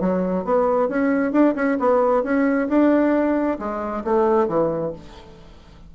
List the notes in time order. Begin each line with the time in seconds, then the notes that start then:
0.00 F#3
0.45 B3
0.89 C#4
1.32 D4
1.55 C#4
1.79 B3
2.23 C#4
2.68 D4
3.59 G#3
4.04 A3
4.48 E3